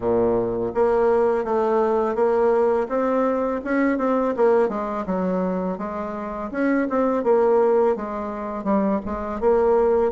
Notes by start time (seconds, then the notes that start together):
0.00 A#2
0.74 A#3
1.44 A3
2.15 A#3
2.88 C4
3.64 C#4
3.98 C4
4.36 A#3
4.68 G#3
5.06 F#3
5.78 G#3
6.51 C#4
6.89 C4
7.23 A#3
7.96 G#3
8.64 G3
9.05 G#3
9.40 A#3